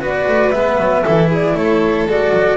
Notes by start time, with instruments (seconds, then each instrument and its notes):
0.00 double bass B3, cello F#4, violin B4, flute D5
0.28 double bass A3
0.51 double bass G#3, cello B3, flute E5
0.79 double bass F#3
1.04 double bass E3, cello E4, violin A4
1.29 violin G#4, flute D5
1.55 double bass A3, violin A4, flute C#5
2.06 double bass G#3, cello F#4, flute D5
2.33 double bass F#3